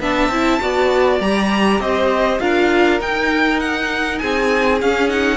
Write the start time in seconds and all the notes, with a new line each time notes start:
0.00 B3 D4 E5 A5
0.29 C4 E4
0.60 B3 F#4 D5
1.20 G3 G4 A#5
1.79 C4 C5 D#5
2.40 D4 F4 A#4 F5
2.99 D#4 G5
3.60 F#5
4.18 C4 G#4 G#5
4.81 C#4 F5
5.08 D#4 F#5